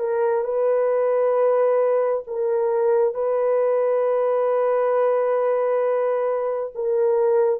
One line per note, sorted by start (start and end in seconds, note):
0.00 0.45 A#4
0.45 2.24 B4
2.27 3.15 A#4
3.15 6.73 B4
6.75 7.60 A#4